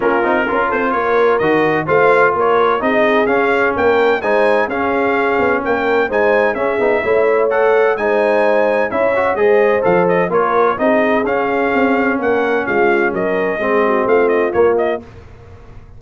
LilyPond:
<<
  \new Staff \with { instrumentName = "trumpet" } { \time 4/4 \tempo 4 = 128 ais'4. c''8 cis''4 dis''4 | f''4 cis''4 dis''4 f''4 | g''4 gis''4 f''2 | g''4 gis''4 e''2 |
fis''4 gis''2 e''4 | dis''4 f''8 dis''8 cis''4 dis''4 | f''2 fis''4 f''4 | dis''2 f''8 dis''8 cis''8 dis''8 | }
  \new Staff \with { instrumentName = "horn" } { \time 4/4 f'4 ais'8 a'8 ais'2 | c''4 ais'4 gis'2 | ais'4 c''4 gis'2 | ais'4 c''4 gis'4 cis''4~ |
cis''4 c''2 cis''4 | c''2 ais'4 gis'4~ | gis'2 ais'4 f'4 | ais'4 gis'8 fis'8 f'2 | }
  \new Staff \with { instrumentName = "trombone" } { \time 4/4 cis'8 dis'8 f'2 fis'4 | f'2 dis'4 cis'4~ | cis'4 dis'4 cis'2~ | cis'4 dis'4 cis'8 dis'8 e'4 |
a'4 dis'2 e'8 fis'8 | gis'4 a'4 f'4 dis'4 | cis'1~ | cis'4 c'2 ais4 | }
  \new Staff \with { instrumentName = "tuba" } { \time 4/4 ais8 c'8 cis'8 c'8 ais4 dis4 | a4 ais4 c'4 cis'4 | ais4 gis4 cis'4. b8 | ais4 gis4 cis'8 b8 a4~ |
a4 gis2 cis'4 | gis4 f4 ais4 c'4 | cis'4 c'4 ais4 gis4 | fis4 gis4 a4 ais4 | }
>>